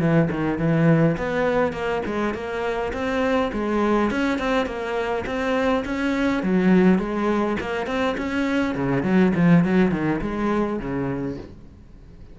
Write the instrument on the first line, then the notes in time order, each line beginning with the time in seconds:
cello
0.00 E3
0.31 D#3
0.58 E3
1.17 B3
1.73 A#3
2.06 G#3
2.34 A#3
2.93 C4
3.53 G#3
4.11 C#4
4.38 C4
4.66 A#3
5.26 C4
5.85 C#4
6.43 F#3
6.99 G#3
7.60 A#3
7.86 C4
8.17 C#4
8.75 C#3
9.03 F#3
9.35 F3
9.64 F#3
9.92 D#3
10.22 G#3
10.79 C#3